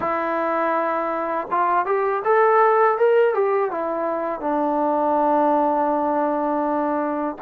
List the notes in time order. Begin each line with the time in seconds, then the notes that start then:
0.00 E4
1.51 F4
1.85 G4
2.24 A4
2.98 A#4
3.34 G4
3.70 E4
4.40 D4